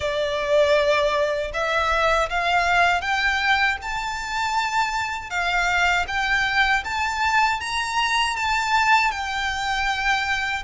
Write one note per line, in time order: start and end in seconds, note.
0.00 1.51 D5
1.53 2.29 E5
2.29 3.01 F5
3.01 3.77 G5
3.81 5.30 A5
5.30 6.06 F5
6.07 6.83 G5
6.84 7.60 A5
7.60 8.36 A#5
8.36 9.11 A5
9.11 10.63 G5